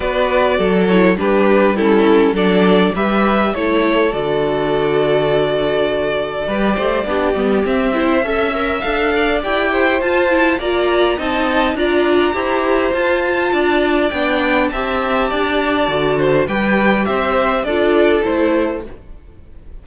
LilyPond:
<<
  \new Staff \with { instrumentName = "violin" } { \time 4/4 \tempo 4 = 102 d''4. cis''8 b'4 a'4 | d''4 e''4 cis''4 d''4~ | d''1~ | d''4 e''2 f''4 |
g''4 a''4 ais''4 a''4 | ais''2 a''2 | g''4 a''2. | g''4 e''4 d''4 c''4 | }
  \new Staff \with { instrumentName = "violin" } { \time 4/4 b'4 a'4 g'4 e'4 | a'4 b'4 a'2~ | a'2. b'8 c''8 | g'4. c''8 e''4. d''8~ |
d''8 c''4. d''4 dis''4 | d''4 c''2 d''4~ | d''4 e''4 d''4. c''8 | b'4 c''4 a'2 | }
  \new Staff \with { instrumentName = "viola" } { \time 4/4 fis'4. e'8 d'4 cis'4 | d'4 g'4 e'4 fis'4~ | fis'2. g'4 | d'8 b8 c'8 e'8 a'8 ais'8 a'4 |
g'4 f'8 e'8 f'4 dis'4 | f'4 g'4 f'2 | d'4 g'2 fis'4 | g'2 f'4 e'4 | }
  \new Staff \with { instrumentName = "cello" } { \time 4/4 b4 fis4 g2 | fis4 g4 a4 d4~ | d2. g8 a8 | b8 g8 c'4 cis'4 d'4 |
e'4 f'4 ais4 c'4 | d'4 e'4 f'4 d'4 | b4 c'4 d'4 d4 | g4 c'4 d'4 a4 | }
>>